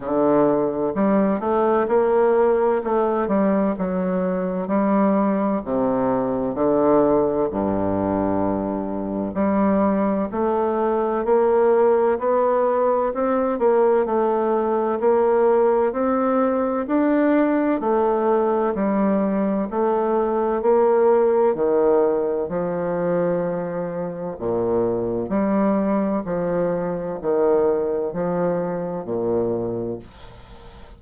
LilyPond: \new Staff \with { instrumentName = "bassoon" } { \time 4/4 \tempo 4 = 64 d4 g8 a8 ais4 a8 g8 | fis4 g4 c4 d4 | g,2 g4 a4 | ais4 b4 c'8 ais8 a4 |
ais4 c'4 d'4 a4 | g4 a4 ais4 dis4 | f2 ais,4 g4 | f4 dis4 f4 ais,4 | }